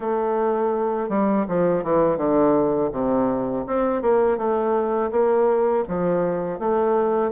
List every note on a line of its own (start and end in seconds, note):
0.00 1.09 A3
1.09 1.45 G3
1.47 1.83 F3
1.83 2.17 E3
2.17 2.90 D3
2.92 3.65 C3
3.66 4.02 C4
4.02 4.37 A#3
4.37 5.11 A3
5.11 5.84 A#3
5.88 6.59 F3
6.59 7.31 A3